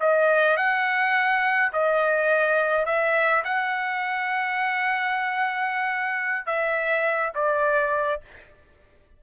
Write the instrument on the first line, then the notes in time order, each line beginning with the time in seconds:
trumpet
0.00 D#5
0.57 F#5
1.73 D#5
2.86 E5
3.44 F#5
6.46 E5
7.35 D5